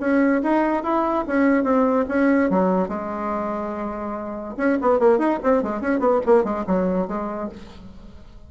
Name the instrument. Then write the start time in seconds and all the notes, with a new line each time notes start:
bassoon
0.00 C#4
0.43 D#4
0.84 E4
1.27 C#4
1.64 C4
2.09 C#4
2.50 F#3
2.89 G#3
4.57 C#4
4.81 B3
4.99 A#3
5.19 D#4
5.43 C4
5.63 G#3
5.82 C#4
6.00 B3
6.26 A#3
6.44 G#3
6.67 F#3
7.08 G#3